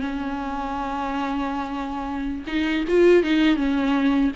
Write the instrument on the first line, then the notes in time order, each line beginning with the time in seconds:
viola
0.00 C#4
2.47 D#4
2.88 F4
3.23 D#4
3.56 C#4